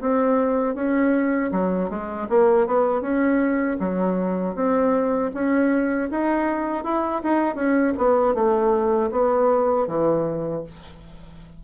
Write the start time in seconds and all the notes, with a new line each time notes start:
0.00 C4
0.75 C#4
1.52 F#3
1.89 G#3
2.29 A#3
2.67 B3
3.01 C#4
3.79 F#3
4.55 C4
5.34 C#4
6.10 D#4
6.84 E4
7.23 D#4
7.55 C#4
7.97 B3
8.34 A3
9.11 B3
9.87 E3